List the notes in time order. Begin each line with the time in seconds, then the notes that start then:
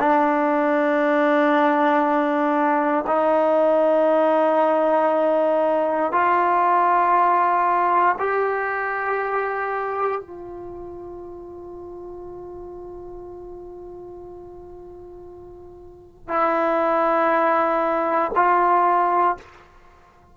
0.00 D4
3.07 D#4
6.12 F4
8.19 G4
10.22 F4
16.29 E4
18.36 F4